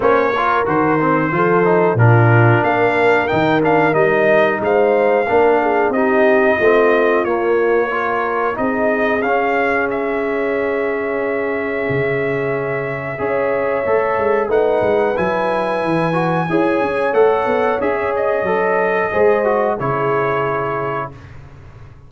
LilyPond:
<<
  \new Staff \with { instrumentName = "trumpet" } { \time 4/4 \tempo 4 = 91 cis''4 c''2 ais'4 | f''4 g''8 f''8 dis''4 f''4~ | f''4 dis''2 cis''4~ | cis''4 dis''4 f''4 e''4~ |
e''1~ | e''2 fis''4 gis''4~ | gis''2 fis''4 e''8 dis''8~ | dis''2 cis''2 | }
  \new Staff \with { instrumentName = "horn" } { \time 4/4 c''8 ais'4. a'4 f'4 | ais'2. c''4 | ais'8 gis'8 g'4 f'2 | ais'4 gis'2.~ |
gis'1 | cis''2 b'2~ | b'4 cis''2.~ | cis''4 c''4 gis'2 | }
  \new Staff \with { instrumentName = "trombone" } { \time 4/4 cis'8 f'8 fis'8 c'8 f'8 dis'8 d'4~ | d'4 dis'8 d'8 dis'2 | d'4 dis'4 c'4 ais4 | f'4 dis'4 cis'2~ |
cis'1 | gis'4 a'4 dis'4 e'4~ | e'8 fis'8 gis'4 a'4 gis'4 | a'4 gis'8 fis'8 e'2 | }
  \new Staff \with { instrumentName = "tuba" } { \time 4/4 ais4 dis4 f4 ais,4 | ais4 dis4 g4 gis4 | ais4 c'4 a4 ais4~ | ais4 c'4 cis'2~ |
cis'2 cis2 | cis'4 a8 gis8 a8 gis8 fis4 | e4 e'8 cis'8 a8 b8 cis'4 | fis4 gis4 cis2 | }
>>